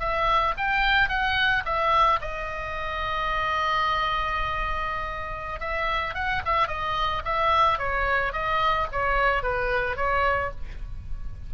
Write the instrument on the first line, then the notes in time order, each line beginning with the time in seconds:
oboe
0.00 E5
0.58 G5
1.09 F#5
1.65 E5
2.22 D#5
5.60 E5
6.15 F#5
6.46 E5
6.68 D#5
7.25 E5
7.79 C#5
8.33 D#5
8.92 C#5
9.43 B4
9.97 C#5